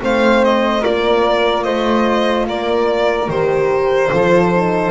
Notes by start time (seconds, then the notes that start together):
0.00 A3 C4 C5 F5
0.44 D#5
0.81 A#3 F4 A#4 D5
1.64 A3 C5 D#5
2.47 A#3 A#4 D5
3.28 D#3 G4 C5
4.11 F3 F4 A4
4.54 D#4